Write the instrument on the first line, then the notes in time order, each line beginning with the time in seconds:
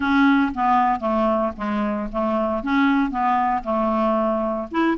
clarinet
0.00 C#4
0.54 B3
1.00 A3
1.57 G#3
2.12 A3
2.63 C#4
3.10 B3
3.63 A3
4.71 E4